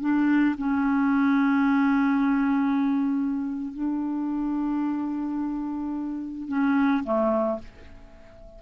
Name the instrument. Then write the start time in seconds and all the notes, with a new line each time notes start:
clarinet
0.00 D4
0.58 C#4
3.73 D4
6.48 C#4
7.04 A3